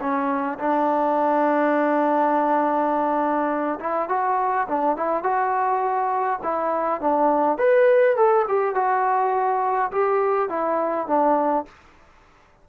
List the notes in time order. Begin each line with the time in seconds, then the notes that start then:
0.00 C#4
0.58 D4
3.80 E4
4.09 F#4
4.67 D4
4.96 E4
5.23 F#4
6.43 E4
7.01 D4
7.58 B4
8.16 A4
8.48 G4
8.74 F#4
9.91 G4
10.49 E4
11.07 D4